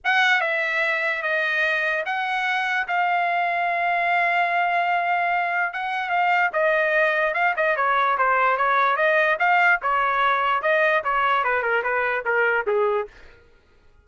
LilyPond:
\new Staff \with { instrumentName = "trumpet" } { \time 4/4 \tempo 4 = 147 fis''4 e''2 dis''4~ | dis''4 fis''2 f''4~ | f''1~ | f''2 fis''4 f''4 |
dis''2 f''8 dis''8 cis''4 | c''4 cis''4 dis''4 f''4 | cis''2 dis''4 cis''4 | b'8 ais'8 b'4 ais'4 gis'4 | }